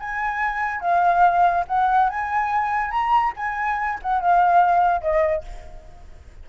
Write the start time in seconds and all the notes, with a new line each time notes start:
0.00 G#5
0.81 F5
1.67 F#5
2.10 G#5
2.91 A#5
3.36 G#5
4.03 F#5
4.21 F5
5.02 D#5